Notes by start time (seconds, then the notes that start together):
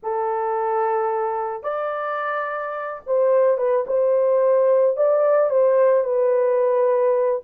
0.02 A4
1.63 D5
3.06 C5
3.57 B4
3.86 C5
4.96 D5
5.50 C5
6.04 B4